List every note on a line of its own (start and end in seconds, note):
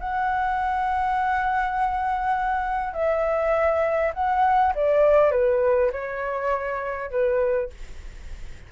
0.00 2.94 F#5
2.94 4.13 E5
4.14 4.74 F#5
4.75 5.32 D5
5.32 5.91 B4
5.92 7.11 C#5
7.11 7.70 B4